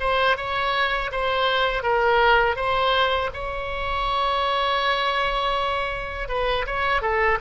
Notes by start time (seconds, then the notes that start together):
0.00 C5
0.37 C#5
1.11 C5
1.83 A#4
2.56 C5
3.34 C#5
6.29 B4
6.67 C#5
7.02 A4